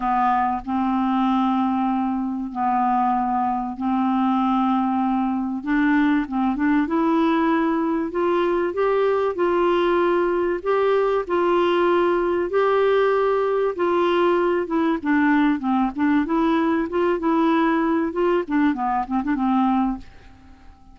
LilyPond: \new Staff \with { instrumentName = "clarinet" } { \time 4/4 \tempo 4 = 96 b4 c'2. | b2 c'2~ | c'4 d'4 c'8 d'8 e'4~ | e'4 f'4 g'4 f'4~ |
f'4 g'4 f'2 | g'2 f'4. e'8 | d'4 c'8 d'8 e'4 f'8 e'8~ | e'4 f'8 d'8 b8 c'16 d'16 c'4 | }